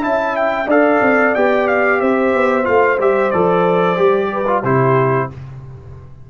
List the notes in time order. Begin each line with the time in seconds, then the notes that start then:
0.00 C#4 E4 E5 A5
0.36 G5
0.67 D4 A4 D5 F5
1.02 C4
1.35 B3 G4 G5
1.68 F5
2.00 C4 C5 E5
2.35 B3
2.65 A3 F4 F5
2.99 G3 G4 E5
3.31 F3 A4 D5
3.96 G3 G4
4.33 B4
4.47 F4
4.63 C3 E4 G4 C5